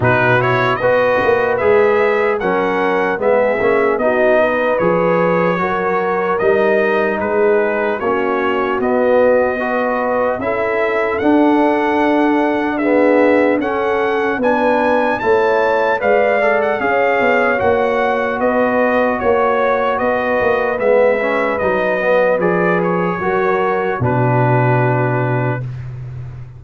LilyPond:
<<
  \new Staff \with { instrumentName = "trumpet" } { \time 4/4 \tempo 4 = 75 b'8 cis''8 dis''4 e''4 fis''4 | e''4 dis''4 cis''2 | dis''4 b'4 cis''4 dis''4~ | dis''4 e''4 fis''2 |
e''4 fis''4 gis''4 a''4 | f''8. fis''16 f''4 fis''4 dis''4 | cis''4 dis''4 e''4 dis''4 | d''8 cis''4. b'2 | }
  \new Staff \with { instrumentName = "horn" } { \time 4/4 fis'4 b'2 ais'4 | gis'4 fis'8 b'4. ais'4~ | ais'4 gis'4 fis'2 | b'4 a'2. |
gis'4 a'4 b'4 cis''4 | d''4 cis''2 b'4 | cis''4 b'2.~ | b'4 ais'4 fis'2 | }
  \new Staff \with { instrumentName = "trombone" } { \time 4/4 dis'8 e'8 fis'4 gis'4 cis'4 | b8 cis'8 dis'4 gis'4 fis'4 | dis'2 cis'4 b4 | fis'4 e'4 d'2 |
b4 cis'4 d'4 e'4 | b'8 a'8 gis'4 fis'2~ | fis'2 b8 cis'8 dis'8 b8 | gis'4 fis'4 d'2 | }
  \new Staff \with { instrumentName = "tuba" } { \time 4/4 b,4 b8 ais8 gis4 fis4 | gis8 ais8 b4 f4 fis4 | g4 gis4 ais4 b4~ | b4 cis'4 d'2~ |
d'4 cis'4 b4 a4 | gis4 cis'8 b8 ais4 b4 | ais4 b8 ais8 gis4 fis4 | f4 fis4 b,2 | }
>>